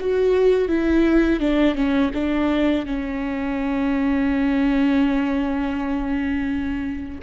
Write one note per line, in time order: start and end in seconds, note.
0.00 0.69 F#4
0.69 1.40 E4
1.40 1.75 D4
1.75 2.11 C#4
2.14 2.86 D4
2.86 7.20 C#4